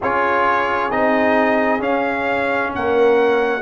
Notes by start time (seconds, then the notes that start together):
0.00 C#4 F4 G#4 C#5
0.90 C4 D#4 D#5
1.79 C#4 F5
2.74 A#3 A#4 F#5